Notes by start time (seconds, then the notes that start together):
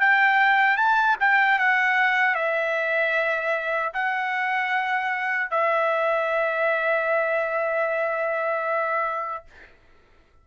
0.00 G5
0.77 A5
1.20 G5
1.59 F#5
2.35 E5
3.93 F#5
5.50 E5